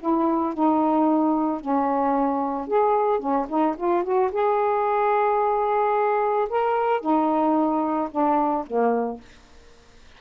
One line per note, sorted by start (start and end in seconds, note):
0.00 0.54 E4
0.54 1.61 D#4
1.61 2.68 C#4
2.68 3.20 G#4
3.20 3.47 C#4
3.49 3.76 D#4
3.77 4.04 F4
4.04 4.31 F#4
4.32 6.48 G#4
6.50 7.01 A#4
7.01 8.09 D#4
8.12 8.66 D4
8.67 9.21 A#3